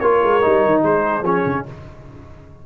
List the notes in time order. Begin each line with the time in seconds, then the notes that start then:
0.00 A#3 F4 A#4 C#5
0.23 G#3
0.42 G3 D#4
0.66 D#3
0.83 G#3 G#4 C5
1.22 F3 C#4 C#5
1.46 C#3